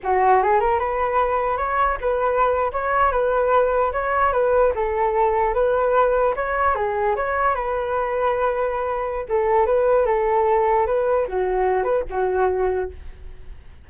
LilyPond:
\new Staff \with { instrumentName = "flute" } { \time 4/4 \tempo 4 = 149 fis'4 gis'8 ais'8 b'2 | cis''4 b'4.~ b'16 cis''4 b'16~ | b'4.~ b'16 cis''4 b'4 a'16~ | a'4.~ a'16 b'2 cis''16~ |
cis''8. gis'4 cis''4 b'4~ b'16~ | b'2. a'4 | b'4 a'2 b'4 | fis'4. b'8 fis'2 | }